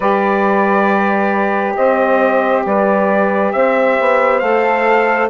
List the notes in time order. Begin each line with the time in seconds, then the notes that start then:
0.00 G3 G4 B4 D5
1.76 C4 C5 D#5
2.65 G3 B4 D5
3.52 C4 C5 E5
4.00 B3
4.39 A3 A4 F5